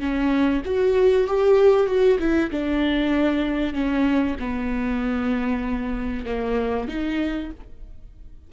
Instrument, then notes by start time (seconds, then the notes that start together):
viola
0.00 C#4
0.66 F#4
1.28 G4
1.87 F#4
2.20 E4
2.51 D4
3.74 C#4
4.40 B3
6.26 A#3
6.88 D#4